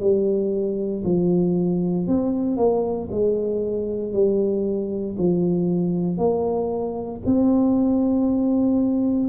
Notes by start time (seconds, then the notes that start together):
0.00 G3
1.04 F3
2.07 C4
2.57 A#3
3.11 G#3
4.13 G3
5.18 F3
6.17 A#3
7.26 C4